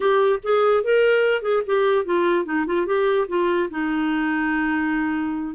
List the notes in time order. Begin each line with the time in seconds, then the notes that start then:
0.00 G4
0.43 G#4
0.83 A#4
1.42 G#4
1.66 G4
2.05 F4
2.45 D#4
2.66 F4
2.86 G4
3.28 F4
3.70 D#4